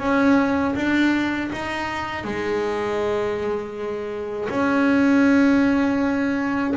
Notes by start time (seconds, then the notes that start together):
0.00 C#4
0.75 D4
1.53 D#4
2.24 G#3
4.49 C#4